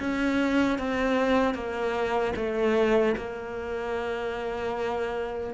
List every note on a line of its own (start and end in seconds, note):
0.00 0.79 C#4
0.79 1.55 C4
1.55 2.34 A#3
2.36 3.15 A3
3.17 5.54 A#3